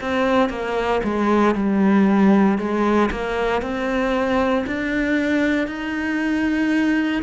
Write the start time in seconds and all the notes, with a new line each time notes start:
0.00 C4
0.49 A#3
1.03 G#3
1.55 G3
2.58 G#3
3.11 A#3
3.62 C4
4.66 D4
5.67 D#4